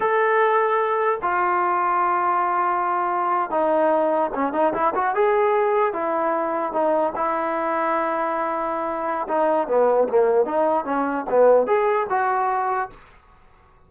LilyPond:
\new Staff \with { instrumentName = "trombone" } { \time 4/4 \tempo 4 = 149 a'2. f'4~ | f'1~ | f'8. dis'2 cis'8 dis'8 e'16~ | e'16 fis'8 gis'2 e'4~ e'16~ |
e'8. dis'4 e'2~ e'16~ | e'2. dis'4 | b4 ais4 dis'4 cis'4 | b4 gis'4 fis'2 | }